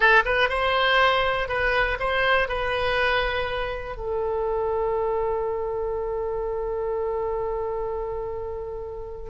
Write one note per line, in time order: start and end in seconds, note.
0.00 0.23 A4
0.25 0.49 B4
0.49 1.48 C5
1.48 1.98 B4
1.99 2.48 C5
2.48 3.96 B4
3.96 9.30 A4